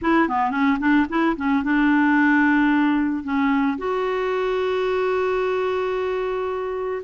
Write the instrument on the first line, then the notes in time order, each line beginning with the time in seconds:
clarinet
0.01 E4
0.28 B3
0.50 C#4
0.79 D4
1.09 E4
1.36 C#4
1.63 D4
3.23 C#4
3.78 F#4